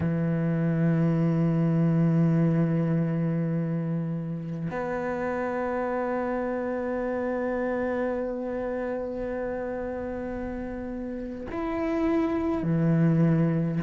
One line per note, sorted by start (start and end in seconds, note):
0.00 4.68 E3
4.70 11.47 B3
11.51 12.63 E4
12.63 13.80 E3